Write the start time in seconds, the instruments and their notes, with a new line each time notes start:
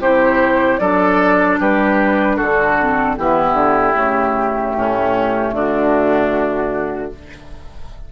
0.00 bassoon C3, clarinet E4, oboe G4, flute C5
0.79 bassoon F#3, clarinet D4, oboe A4, flute D5
1.60 bassoon G3, oboe G4, flute B4
2.37 bassoon D3, oboe F#4, flute A4
2.79 clarinet C4
3.17 bassoon E3, clarinet B3, oboe E4, flute G4
3.53 bassoon D3
3.94 bassoon C#3, clarinet A3
4.76 bassoon A2, oboe C#4
5.53 bassoon D3, oboe D4, flute F#4